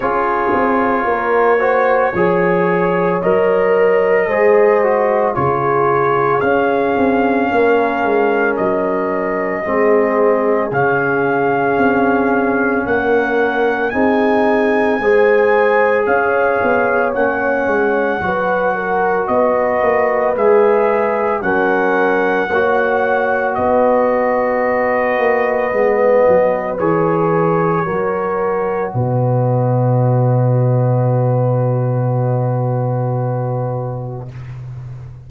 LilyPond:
<<
  \new Staff \with { instrumentName = "trumpet" } { \time 4/4 \tempo 4 = 56 cis''2. dis''4~ | dis''4 cis''4 f''2 | dis''2 f''2 | fis''4 gis''2 f''4 |
fis''2 dis''4 e''4 | fis''2 dis''2~ | dis''4 cis''2 dis''4~ | dis''1 | }
  \new Staff \with { instrumentName = "horn" } { \time 4/4 gis'4 ais'8 c''8 cis''2 | c''4 gis'2 ais'4~ | ais'4 gis'2. | ais'4 gis'4 c''4 cis''4~ |
cis''4 b'8 ais'8 b'2 | ais'4 cis''4 b'2~ | b'2 ais'4 b'4~ | b'1 | }
  \new Staff \with { instrumentName = "trombone" } { \time 4/4 f'4. fis'8 gis'4 ais'4 | gis'8 fis'8 f'4 cis'2~ | cis'4 c'4 cis'2~ | cis'4 dis'4 gis'2 |
cis'4 fis'2 gis'4 | cis'4 fis'2. | b4 gis'4 fis'2~ | fis'1 | }
  \new Staff \with { instrumentName = "tuba" } { \time 4/4 cis'8 c'8 ais4 f4 fis4 | gis4 cis4 cis'8 c'8 ais8 gis8 | fis4 gis4 cis4 c'4 | ais4 c'4 gis4 cis'8 b8 |
ais8 gis8 fis4 b8 ais8 gis4 | fis4 ais4 b4. ais8 | gis8 fis8 e4 fis4 b,4~ | b,1 | }
>>